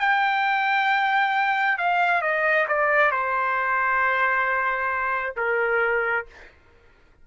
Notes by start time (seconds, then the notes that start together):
0.00 G5
1.78 F5
2.22 D#5
2.68 D5
3.12 C5
5.37 A#4